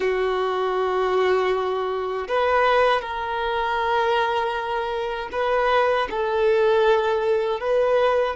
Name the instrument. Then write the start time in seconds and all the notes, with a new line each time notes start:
violin
0.00 F#4
2.28 B4
3.01 A#4
5.32 B4
6.10 A4
7.59 B4